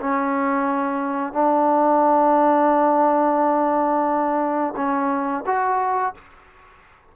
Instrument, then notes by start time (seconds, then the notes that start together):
trombone
0.00 C#4
1.33 D4
4.76 C#4
5.46 F#4